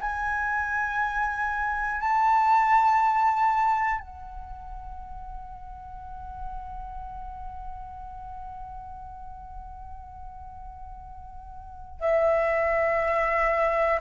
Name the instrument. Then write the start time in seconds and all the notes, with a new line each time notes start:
flute
0.00 G#5
2.00 A5
4.00 F#5
12.00 E5